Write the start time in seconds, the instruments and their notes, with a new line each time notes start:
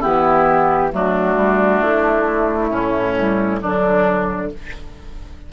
0.00 bassoon E3, clarinet B3, oboe E4, flute G4
0.92 bassoon F#3, clarinet A3, oboe D4, flute F#4
1.36 bassoon G3
1.81 bassoon A3, flute E4
2.71 bassoon A2, oboe C#4
3.17 clarinet G3
3.61 bassoon D3, clarinet F#3, oboe D4, flute D4